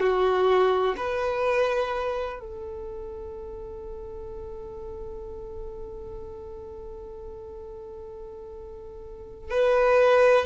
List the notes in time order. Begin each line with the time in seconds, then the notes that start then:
0.00 F#4
0.97 B4
2.39 A4
9.51 B4